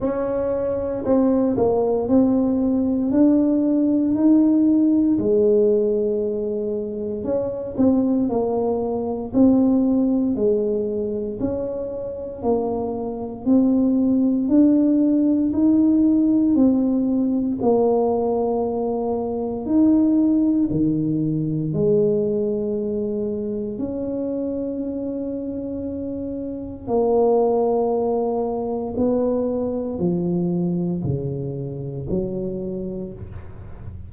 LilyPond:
\new Staff \with { instrumentName = "tuba" } { \time 4/4 \tempo 4 = 58 cis'4 c'8 ais8 c'4 d'4 | dis'4 gis2 cis'8 c'8 | ais4 c'4 gis4 cis'4 | ais4 c'4 d'4 dis'4 |
c'4 ais2 dis'4 | dis4 gis2 cis'4~ | cis'2 ais2 | b4 f4 cis4 fis4 | }